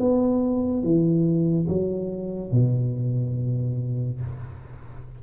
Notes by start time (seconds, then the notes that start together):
0.00 B3
0.83 E3
1.68 F#3
2.52 B2